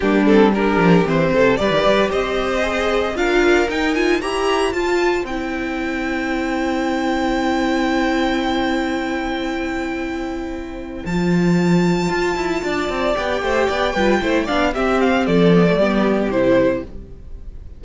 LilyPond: <<
  \new Staff \with { instrumentName = "violin" } { \time 4/4 \tempo 4 = 114 g'8 a'8 ais'4 c''4 d''4 | dis''2 f''4 g''8 gis''8 | ais''4 a''4 g''2~ | g''1~ |
g''1~ | g''4 a''2.~ | a''4 g''2~ g''8 f''8 | e''8 f''8 d''2 c''4 | }
  \new Staff \with { instrumentName = "violin" } { \time 4/4 d'4 g'4. a'8 b'4 | c''2 ais'2 | c''1~ | c''1~ |
c''1~ | c''1 | d''4. c''8 d''8 b'8 c''8 d''8 | g'4 a'4 g'2 | }
  \new Staff \with { instrumentName = "viola" } { \time 4/4 ais8 c'8 d'4 c'4 g'4~ | g'4 gis'4 f'4 dis'8 f'8 | g'4 f'4 e'2~ | e'1~ |
e'1~ | e'4 f'2.~ | f'4 g'4. f'8 e'8 d'8 | c'4. b16 a16 b4 e'4 | }
  \new Staff \with { instrumentName = "cello" } { \time 4/4 g4. f8 e8 c8 g16 dis16 g8 | c'2 d'4 dis'4 | e'4 f'4 c'2~ | c'1~ |
c'1~ | c'4 f2 f'8 e'8 | d'8 c'8 b8 a8 b8 g8 a8 b8 | c'4 f4 g4 c4 | }
>>